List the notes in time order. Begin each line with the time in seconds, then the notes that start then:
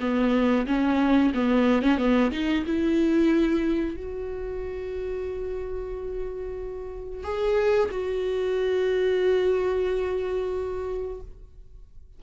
0.00 B3
0.67 C#4
1.34 B3
1.82 C#4
1.98 B3
2.31 D#4
2.66 E4
3.96 F#4
7.23 G#4
7.91 F#4